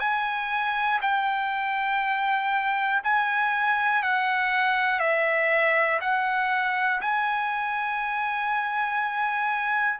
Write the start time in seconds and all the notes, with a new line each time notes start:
0.00 G#5
1.02 G5
3.04 G#5
4.03 F#5
5.00 E5
6.00 F#5
7.01 G#5